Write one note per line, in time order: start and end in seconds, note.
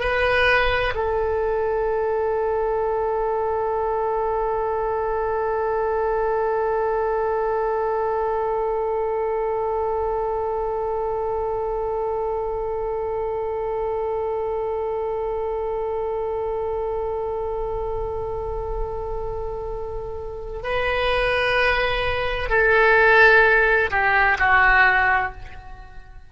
0.00 0.94 B4
0.94 20.63 A4
20.63 22.50 B4
22.50 23.90 A4
23.91 24.37 G4
24.38 25.32 F#4